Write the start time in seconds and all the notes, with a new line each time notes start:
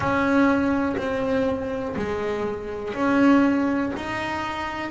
0.00 C#4
0.97 C4
1.95 G#3
2.94 C#4
3.96 D#4